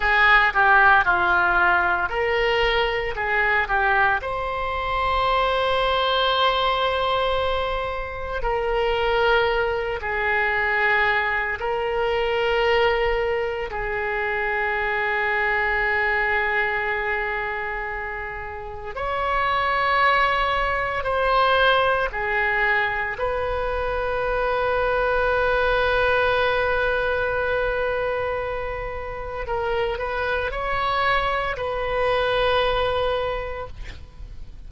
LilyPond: \new Staff \with { instrumentName = "oboe" } { \time 4/4 \tempo 4 = 57 gis'8 g'8 f'4 ais'4 gis'8 g'8 | c''1 | ais'4. gis'4. ais'4~ | ais'4 gis'2.~ |
gis'2 cis''2 | c''4 gis'4 b'2~ | b'1 | ais'8 b'8 cis''4 b'2 | }